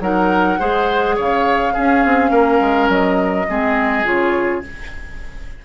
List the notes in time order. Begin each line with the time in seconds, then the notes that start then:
0.00 F#3 D#4 A#4 F#5
0.58 G#3 G#4 C5
1.16 C#3 C#5 F5
1.72 C#4 G#4
2.05 C4
2.30 A#3 A#4
2.60 G#3
2.88 F#3 D#5
3.49 G#3 C4 G#4
4.04 C#3 F4 C#5